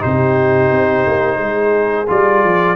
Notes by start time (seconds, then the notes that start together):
0.00 C3 D#4 G4 C5
0.72 C4
1.07 A#3
1.38 G#3 G#4
2.08 G3 F4 D5
2.44 F3